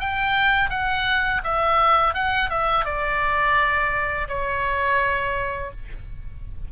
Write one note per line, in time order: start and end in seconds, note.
0.00 0.70 G5
0.70 1.42 F#5
1.44 2.14 E5
2.14 2.50 F#5
2.50 2.85 E5
2.85 4.28 D5
4.29 5.71 C#5